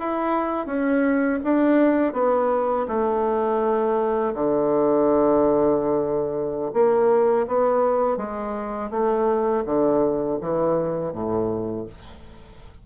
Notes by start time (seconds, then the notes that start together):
0.00 E4
0.67 C#4
1.44 D4
2.14 B3
2.88 A3
4.35 D3
6.74 A#3
7.48 B3
8.18 G#3
8.91 A3
9.66 D3
10.42 E3
11.13 A2